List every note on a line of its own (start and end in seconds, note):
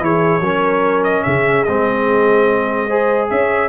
0.00 0.41 E3
0.00 0.41 E4
0.00 0.43 G#4
0.00 1.04 C#5
0.41 1.23 F#3
0.41 1.67 C#4
0.41 1.25 A#4
1.04 1.24 D#5
1.24 1.68 C#3
1.24 2.88 G#4
1.24 1.64 E5
1.64 3.31 G#3
1.64 2.90 C4
1.64 3.28 D#5
2.88 3.70 G#4
2.88 3.29 C5
3.30 3.70 C#4
3.30 3.70 C#5
3.30 3.70 E5